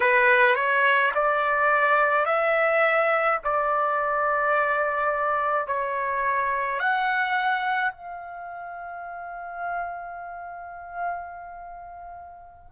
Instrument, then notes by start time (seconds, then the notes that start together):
trumpet
0.00 B4
0.55 C#5
1.14 D5
2.25 E5
3.44 D5
5.67 C#5
6.79 F#5
7.91 F5